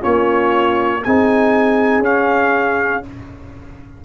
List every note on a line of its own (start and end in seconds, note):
0.00 1.04 A#3
0.00 1.00 C#4
0.00 1.01 F4
0.00 1.03 C#5
1.03 1.99 C4
1.03 2.03 D#4
1.03 3.04 G#4
1.03 2.03 G#5
1.99 2.99 C#4
1.99 3.03 C#4
1.99 3.04 F5